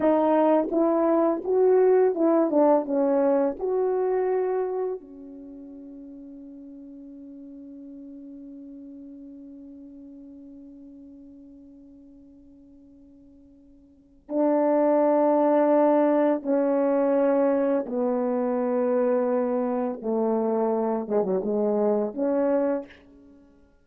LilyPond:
\new Staff \with { instrumentName = "horn" } { \time 4/4 \tempo 4 = 84 dis'4 e'4 fis'4 e'8 d'8 | cis'4 fis'2 cis'4~ | cis'1~ | cis'1~ |
cis'1 | d'2. cis'4~ | cis'4 b2. | a4. gis16 fis16 gis4 cis'4 | }